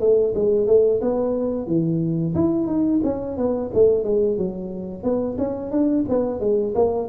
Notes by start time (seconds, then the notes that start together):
0.00 A3
0.35 G#3
0.67 A3
1.01 B3
1.67 E3
2.35 E4
2.67 D#4
3.04 C#4
3.37 B3
3.74 A3
4.04 G#3
4.38 F#3
5.03 B3
5.38 C#4
5.71 D4
6.09 B3
6.40 G#3
6.75 A#3